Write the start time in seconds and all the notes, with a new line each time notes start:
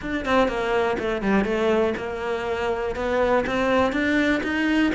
0.01 D4
0.25 C4
0.48 A#3
0.98 A3
1.22 G3
1.44 A3
1.97 A#3
2.95 B3
3.46 C4
3.92 D4
4.43 D#4